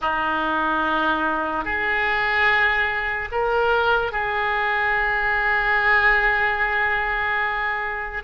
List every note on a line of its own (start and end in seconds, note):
0.01 1.64 D#4
1.64 3.29 G#4
3.31 4.12 A#4
4.12 8.23 G#4